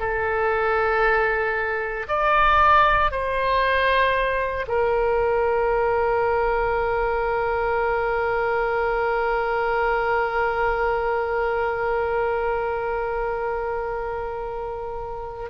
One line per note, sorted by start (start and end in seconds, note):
0.00 2.07 A4
2.08 3.11 D5
3.11 4.66 C5
4.68 15.50 A#4